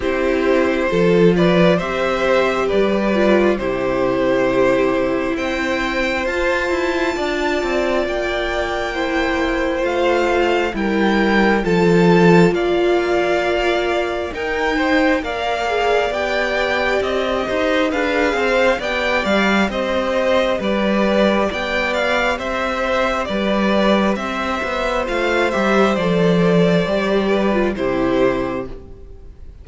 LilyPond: <<
  \new Staff \with { instrumentName = "violin" } { \time 4/4 \tempo 4 = 67 c''4. d''8 e''4 d''4 | c''2 g''4 a''4~ | a''4 g''2 f''4 | g''4 a''4 f''2 |
g''4 f''4 g''4 dis''4 | f''4 g''8 f''8 dis''4 d''4 | g''8 f''8 e''4 d''4 e''4 | f''8 e''8 d''2 c''4 | }
  \new Staff \with { instrumentName = "violin" } { \time 4/4 g'4 a'8 b'8 c''4 b'4 | g'2 c''2 | d''2 c''2 | ais'4 a'4 d''2 |
ais'8 c''8 d''2~ d''8 c''8 | b'8 c''8 d''4 c''4 b'4 | d''4 c''4 b'4 c''4~ | c''2~ c''8 b'8 g'4 | }
  \new Staff \with { instrumentName = "viola" } { \time 4/4 e'4 f'4 g'4. f'8 | e'2. f'4~ | f'2 e'4 f'4 | e'4 f'2. |
dis'4 ais'8 gis'8 g'2 | gis'4 g'2.~ | g'1 | f'8 g'8 a'4 g'8. f'16 e'4 | }
  \new Staff \with { instrumentName = "cello" } { \time 4/4 c'4 f4 c'4 g4 | c2 c'4 f'8 e'8 | d'8 c'8 ais2 a4 | g4 f4 ais2 |
dis'4 ais4 b4 c'8 dis'8 | d'8 c'8 b8 g8 c'4 g4 | b4 c'4 g4 c'8 b8 | a8 g8 f4 g4 c4 | }
>>